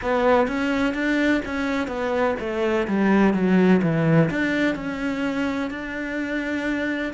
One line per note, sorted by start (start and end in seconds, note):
0.01 0.47 B3
0.47 0.94 C#4
0.94 1.41 D4
1.45 1.87 C#4
1.87 2.35 B3
2.39 2.87 A3
2.87 3.33 G3
3.33 3.81 F#3
3.82 4.29 E3
4.30 4.74 D4
4.74 5.70 C#4
5.70 7.13 D4